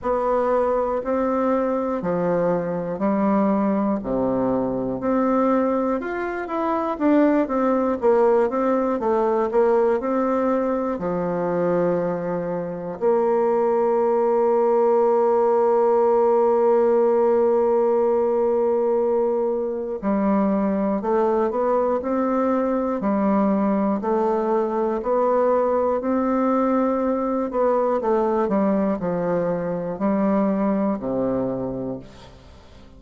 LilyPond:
\new Staff \with { instrumentName = "bassoon" } { \time 4/4 \tempo 4 = 60 b4 c'4 f4 g4 | c4 c'4 f'8 e'8 d'8 c'8 | ais8 c'8 a8 ais8 c'4 f4~ | f4 ais2.~ |
ais1 | g4 a8 b8 c'4 g4 | a4 b4 c'4. b8 | a8 g8 f4 g4 c4 | }